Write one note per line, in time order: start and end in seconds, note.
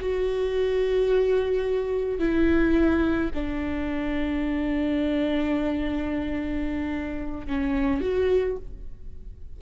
0.00 2.19 F#4
2.19 3.30 E4
3.34 7.47 D4
7.47 8.01 C#4
8.01 8.57 F#4